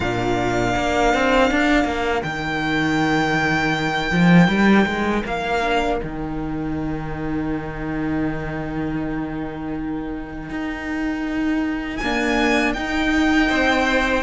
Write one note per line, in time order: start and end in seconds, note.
0.00 0.74 A#2
0.00 2.26 D4
0.00 13.48 A#4
0.00 2.22 F5
0.76 1.13 A#3
1.13 1.50 C4
1.50 1.84 D4
1.84 2.22 A#3
2.22 4.11 D#3
2.22 5.61 D#4
2.22 5.22 G5
4.11 4.48 F3
4.48 4.85 G3
4.85 5.23 G#3
5.25 6.00 A#3
5.25 6.01 F5
5.61 5.99 D4
5.99 10.50 D#3
5.99 11.99 D#4
5.99 11.97 G5
10.50 12.00 D#4
11.97 12.75 A#3
11.97 12.75 D4
11.97 12.72 G#5
12.73 14.23 D#4
12.73 13.50 D#4
12.73 14.23 G5
13.48 14.23 C4
13.48 14.23 C5